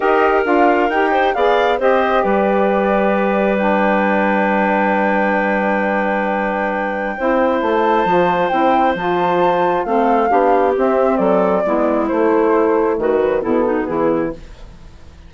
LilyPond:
<<
  \new Staff \with { instrumentName = "flute" } { \time 4/4 \tempo 4 = 134 dis''4 f''4 g''4 f''4 | dis''4 d''2. | g''1~ | g''1~ |
g''4 a''2 g''4 | a''2 f''2 | e''4 d''2 c''4~ | c''4 b'4 a'4 gis'4 | }
  \new Staff \with { instrumentName = "clarinet" } { \time 4/4 ais'2~ ais'8 c''8 d''4 | c''4 b'2.~ | b'1~ | b'1 |
c''1~ | c''2 a'4 g'4~ | g'4 a'4 e'2~ | e'4 fis'4 e'8 dis'8 e'4 | }
  \new Staff \with { instrumentName = "saxophone" } { \time 4/4 g'4 f'4 g'4 gis'4 | g'1 | d'1~ | d'1 |
e'2 f'4 e'4 | f'2 c'4 d'4 | c'2 b4 a4~ | a4. fis8 b2 | }
  \new Staff \with { instrumentName = "bassoon" } { \time 4/4 dis'4 d'4 dis'4 b4 | c'4 g2.~ | g1~ | g1 |
c'4 a4 f4 c'4 | f2 a4 b4 | c'4 fis4 gis4 a4~ | a4 dis4 b,4 e4 | }
>>